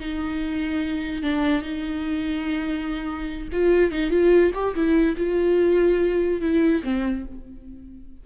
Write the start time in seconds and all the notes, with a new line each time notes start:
0.00 D#4
1.23 D4
1.63 D#4
3.52 F4
3.92 D#4
4.10 F4
4.54 G4
4.75 E4
5.17 F4
6.41 E4
6.84 C4